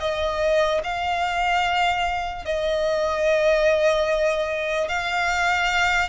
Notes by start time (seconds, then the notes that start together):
0.00 D#5
0.84 F5
2.45 D#5
4.89 F5